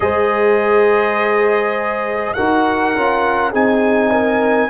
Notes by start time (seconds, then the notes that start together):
0.00 G#3 G#4 C5 D#5
2.33 D#4 F#4 A#4 F#5
2.95 C#4 F4
3.51 C4 D#4 G#4 G#5
4.11 A#4